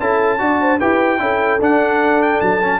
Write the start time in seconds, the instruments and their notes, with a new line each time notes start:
0.00 tuba C#4, trombone E4, horn A4, trumpet A5
0.39 tuba D4, trombone F#4, horn D5
0.61 horn C5
0.79 tuba E4, trombone G4, horn B4, trumpet G5
1.19 tuba C#4, trombone E4, horn A4
1.60 tuba D4, trombone D4, trumpet F#5
2.22 trumpet G5
2.41 tuba F#3, trumpet A5
2.63 trombone C#4